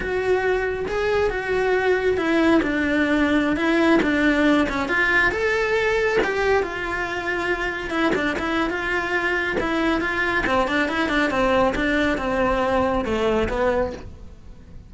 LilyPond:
\new Staff \with { instrumentName = "cello" } { \time 4/4 \tempo 4 = 138 fis'2 gis'4 fis'4~ | fis'4 e'4 d'2~ | d'16 e'4 d'4. cis'8 f'8.~ | f'16 a'2 g'4 f'8.~ |
f'2~ f'16 e'8 d'8 e'8. | f'2 e'4 f'4 | c'8 d'8 e'8 d'8 c'4 d'4 | c'2 a4 b4 | }